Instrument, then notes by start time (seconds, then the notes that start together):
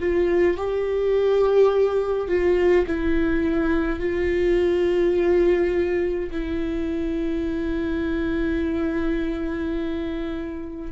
viola
0.00 F4
0.57 G4
2.28 F4
2.87 E4
4.00 F4
6.31 E4